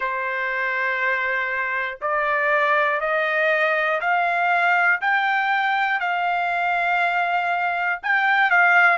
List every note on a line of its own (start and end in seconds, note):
0.00 1.98 C5
2.00 3.00 D5
3.00 4.00 D#5
4.00 5.00 F5
5.01 6.00 G5
6.00 8.00 F5
8.02 8.50 G5
8.50 8.97 F5